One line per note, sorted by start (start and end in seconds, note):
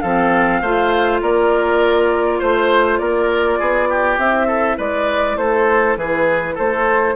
0.00 0.61 F3
0.00 0.63 C4
0.00 0.61 A4
0.00 1.19 F5
0.61 1.21 A3
0.61 4.20 F4
0.61 1.21 C5
1.21 2.40 A#3
1.21 2.39 A#4
1.21 2.41 D5
2.39 2.99 A3
2.39 2.98 C5
2.98 3.59 A#3
2.98 3.59 A#4
2.98 4.17 D5
3.59 4.18 B3
3.59 3.88 G#4
3.89 4.46 G4
4.18 4.77 C4
4.18 7.15 E4
4.18 4.78 E5
4.46 4.76 A4
4.77 5.36 G#3
4.77 5.36 B4
4.77 5.37 D5
5.36 5.96 A3
5.36 5.98 A4
5.36 5.96 C5
5.96 6.55 E3
5.96 6.54 G#4
5.96 6.56 B4
6.54 7.15 A3
6.54 7.13 A4
6.54 7.15 C5